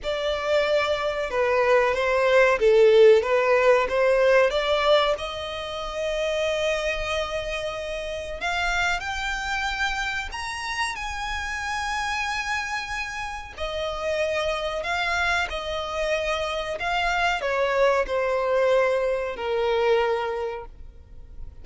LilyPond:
\new Staff \with { instrumentName = "violin" } { \time 4/4 \tempo 4 = 93 d''2 b'4 c''4 | a'4 b'4 c''4 d''4 | dis''1~ | dis''4 f''4 g''2 |
ais''4 gis''2.~ | gis''4 dis''2 f''4 | dis''2 f''4 cis''4 | c''2 ais'2 | }